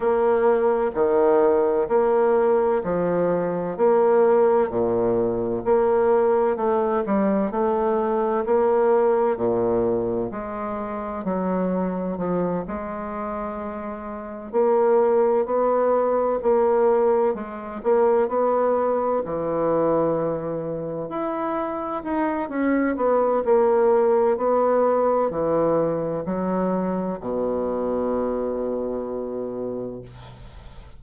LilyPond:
\new Staff \with { instrumentName = "bassoon" } { \time 4/4 \tempo 4 = 64 ais4 dis4 ais4 f4 | ais4 ais,4 ais4 a8 g8 | a4 ais4 ais,4 gis4 | fis4 f8 gis2 ais8~ |
ais8 b4 ais4 gis8 ais8 b8~ | b8 e2 e'4 dis'8 | cis'8 b8 ais4 b4 e4 | fis4 b,2. | }